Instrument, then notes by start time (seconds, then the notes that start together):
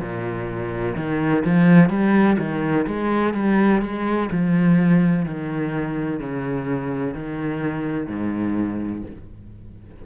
cello
0.00 A#2
0.96 D#3
1.45 F3
1.89 G3
2.38 D#3
2.87 G#3
3.34 G3
3.81 G#3
4.31 F3
5.25 D#3
6.19 C#3
7.14 D#3
8.07 G#2